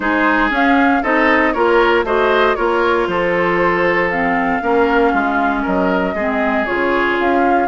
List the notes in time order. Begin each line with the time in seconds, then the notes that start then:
0.00 G#3 D#4 G#4 C5
0.50 C#4 F5
1.02 C4 D#4 A4 D#5
1.53 A#3 F4 A#4 C#5
2.03 A3 F#4 C5 D#5
2.55 A#3 F4 A#4 C#5
3.07 F3 A4 C5
4.10 C4 F5
4.61 A#3 C#4 A#4
5.12 G#3 F4
5.62 F#3 A#4 D#5
6.14 G#3 C4 G#4
6.65 C#3 F4 C#5
7.19 C#4 F5